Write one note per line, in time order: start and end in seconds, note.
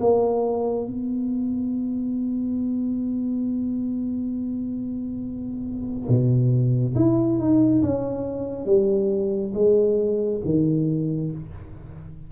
0.00 0.87 A#3
0.87 6.08 B3
6.08 6.94 B2
6.95 7.38 E4
7.38 7.82 D#4
7.82 8.66 C#4
8.66 9.53 G3
9.54 10.41 G#3
10.45 11.32 D#3